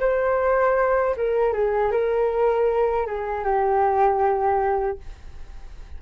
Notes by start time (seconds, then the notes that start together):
0.00 C5
1.16 A#4
1.53 G#4
1.91 A#4
3.07 G#4
3.44 G4